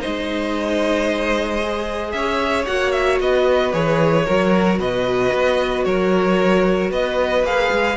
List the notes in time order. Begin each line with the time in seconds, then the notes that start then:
0.00 D#4 C5 D#5
0.06 G#3
1.63 G#4
2.12 C#4 C#5 E5
2.65 A#3 F#4 F#5
2.92 E5
3.20 B3 B4 D#5
3.73 E3 G#4 C#5
4.26 F#3 F#4 A#4
4.79 B2 B4 D#5
5.33 B3
5.85 F#3 A#4 C#5
6.90 B3 B4 D#5
7.43 A#3 G#4 F5
7.71 G#3